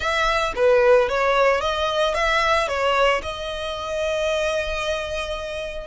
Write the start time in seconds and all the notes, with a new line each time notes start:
0.00 E5
0.55 B4
1.09 C#5
1.60 D#5
2.14 E5
2.68 C#5
3.22 D#5